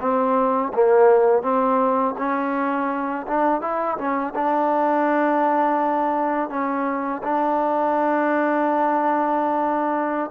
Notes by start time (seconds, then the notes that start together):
0.00 C4
0.74 A#3
1.42 C4
2.18 C#4
3.27 D4
3.61 E4
3.97 C#4
4.35 D4
6.50 C#4
7.23 D4